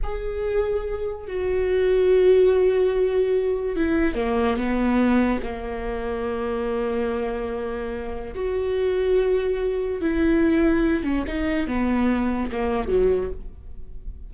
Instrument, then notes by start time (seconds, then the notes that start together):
viola
0.03 G#4
1.27 F#4
3.76 E4
4.15 A#3
4.57 B3
5.42 A#3
8.34 F#4
10.01 E4
11.03 C#4
11.27 D#4
11.67 B3
12.51 A#3
12.88 F#3